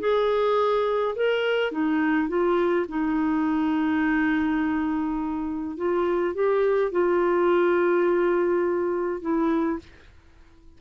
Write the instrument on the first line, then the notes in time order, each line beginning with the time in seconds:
clarinet
0.00 G#4
1.16 A#4
1.72 D#4
2.28 F4
2.88 D#4
5.77 F4
6.35 G4
6.92 F4
9.22 E4